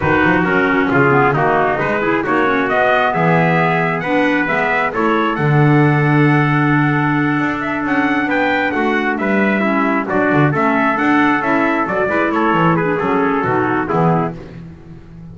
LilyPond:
<<
  \new Staff \with { instrumentName = "trumpet" } { \time 4/4 \tempo 4 = 134 b'4 ais'4 gis'4 fis'4 | b'4 cis''4 dis''4 e''4~ | e''4 fis''4 e''4 cis''4 | fis''1~ |
fis''4 e''8 fis''4 g''4 fis''8~ | fis''8 e''2 d''4 e''8~ | e''8 fis''4 e''4 d''4 cis''8~ | cis''8 b'8 a'2 gis'4 | }
  \new Staff \with { instrumentName = "trumpet" } { \time 4/4 fis'2 f'4 dis'4~ | dis'8 gis'8 fis'2 gis'4~ | gis'4 b'2 a'4~ | a'1~ |
a'2~ a'8 b'4 fis'8~ | fis'8 b'4 e'4 fis'4 a'8~ | a'2. b'8 a'8~ | a'8 gis'4. fis'4 e'4 | }
  \new Staff \with { instrumentName = "clarinet" } { \time 4/4 dis'4 cis'4. b8 ais4 | gis8 e'8 dis'8 cis'8 b2~ | b4 d'4 b4 e'4 | d'1~ |
d'1~ | d'4. cis'4 d'4 cis'8~ | cis'8 d'4 e'4 fis'8 e'4~ | e'8. d'16 cis'4 dis'4 b4 | }
  \new Staff \with { instrumentName = "double bass" } { \time 4/4 dis8 f8 fis4 cis4 dis4 | gis4 ais4 b4 e4~ | e4 b4 gis4 a4 | d1~ |
d8 d'4 cis'4 b4 a8~ | a8 g2 fis8 d8 a8~ | a8 d'4 cis'4 fis8 gis8 a8 | e4 fis4 b,4 e4 | }
>>